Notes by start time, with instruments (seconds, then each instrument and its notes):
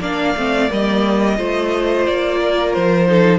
0.00 cello A#3, viola D4, violin D5 F5
0.36 cello A3, viola C4
0.69 cello G3, viola A#3, violin D#5
1.37 cello A3, viola F4, violin C5
2.07 cello A#3, violin D5
2.40 violin A#4
2.73 cello F3, violin C5
3.08 viola D#4, violin A4